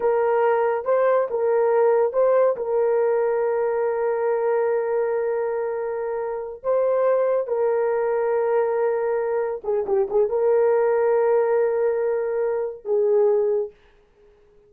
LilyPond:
\new Staff \with { instrumentName = "horn" } { \time 4/4 \tempo 4 = 140 ais'2 c''4 ais'4~ | ais'4 c''4 ais'2~ | ais'1~ | ais'2.~ ais'8 c''8~ |
c''4. ais'2~ ais'8~ | ais'2~ ais'8 gis'8 g'8 gis'8 | ais'1~ | ais'2 gis'2 | }